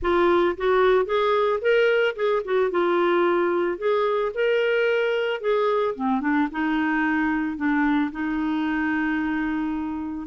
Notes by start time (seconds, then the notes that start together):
0.01 F4
0.57 F#4
1.05 G#4
1.61 A#4
2.15 G#4
2.44 F#4
2.71 F4
3.78 G#4
4.34 A#4
5.40 G#4
5.95 C4
6.20 D4
6.51 D#4
7.56 D4
8.11 D#4